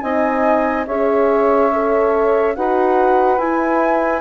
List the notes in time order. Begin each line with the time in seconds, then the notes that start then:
0.00 C4 D#4 D#5 G#5
0.86 C#4 G#4 C#5 E5
1.73 A4
2.55 D#4 F#4 B4 F#5
3.37 E4 G#5